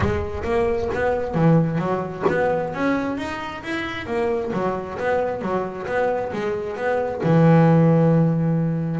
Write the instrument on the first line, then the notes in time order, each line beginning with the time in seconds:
double bass
0.00 G#3
0.44 A#3
0.94 B3
1.34 E3
1.78 F#3
2.28 B3
2.74 C#4
3.17 D#4
3.63 E4
4.06 A#3
4.52 F#3
4.98 B3
5.41 F#3
5.86 B3
6.32 G#3
6.76 B3
7.23 E3